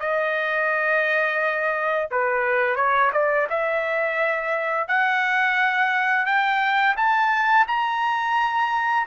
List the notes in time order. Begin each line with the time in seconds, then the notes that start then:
0.00 D#5
2.11 B4
2.76 C#5
3.12 D5
3.50 E5
4.88 F#5
6.26 G5
6.97 A5
7.67 A#5